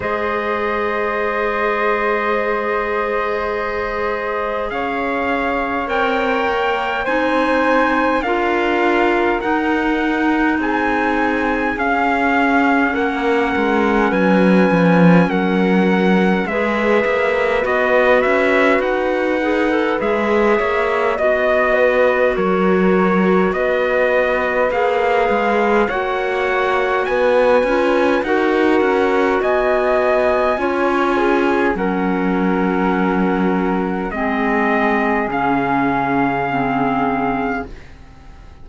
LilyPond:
<<
  \new Staff \with { instrumentName = "trumpet" } { \time 4/4 \tempo 4 = 51 dis''1 | f''4 g''4 gis''4 f''4 | fis''4 gis''4 f''4 fis''4 | gis''4 fis''4 e''4 dis''8 e''8 |
fis''4 e''4 dis''4 cis''4 | dis''4 f''4 fis''4 gis''4 | fis''4 gis''2 fis''4~ | fis''4 dis''4 f''2 | }
  \new Staff \with { instrumentName = "flute" } { \time 4/4 c''1 | cis''2 c''4 ais'4~ | ais'4 gis'2 ais'4 | b'4 ais'4 b'2~ |
b'4. cis''8 dis''8 b'8 ais'4 | b'2 cis''4 b'4 | ais'4 dis''4 cis''8 gis'8 ais'4~ | ais'4 gis'2. | }
  \new Staff \with { instrumentName = "clarinet" } { \time 4/4 gis'1~ | gis'4 ais'4 dis'4 f'4 | dis'2 cis'2~ | cis'2 gis'4 fis'4~ |
fis'8 gis'16 a'16 gis'4 fis'2~ | fis'4 gis'4 fis'4. f'8 | fis'2 f'4 cis'4~ | cis'4 c'4 cis'4 c'4 | }
  \new Staff \with { instrumentName = "cello" } { \time 4/4 gis1 | cis'4 c'8 ais8 c'4 d'4 | dis'4 c'4 cis'4 ais8 gis8 | fis8 f8 fis4 gis8 ais8 b8 cis'8 |
dis'4 gis8 ais8 b4 fis4 | b4 ais8 gis8 ais4 b8 cis'8 | dis'8 cis'8 b4 cis'4 fis4~ | fis4 gis4 cis2 | }
>>